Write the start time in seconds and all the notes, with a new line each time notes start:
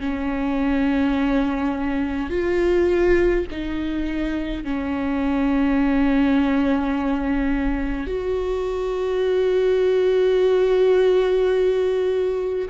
0.00 C#4
2.30 F4
3.51 D#4
4.65 C#4
8.07 F#4